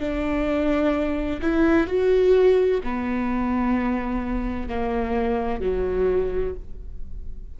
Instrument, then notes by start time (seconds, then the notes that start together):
viola
0.00 D4
1.42 E4
1.87 F#4
2.83 B3
4.69 A#3
5.61 F#3